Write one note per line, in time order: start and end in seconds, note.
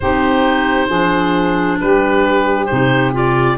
0.00 0.89 C4
0.00 0.89 D#4
0.00 0.87 G4
0.00 1.78 C5
0.87 1.78 F3
0.87 2.68 D4
0.87 1.77 G#4
1.80 2.70 G3
1.80 3.57 G4
1.80 2.66 B4
2.66 3.57 C3
2.66 3.12 D#4
2.66 3.10 C5
3.12 3.57 F4
3.12 3.57 D5